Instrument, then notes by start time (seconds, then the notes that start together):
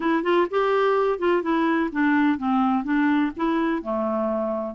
clarinet
0.00 E4
0.23 F4
0.50 G4
1.18 F4
1.42 E4
1.92 D4
2.37 C4
2.84 D4
3.36 E4
3.82 A3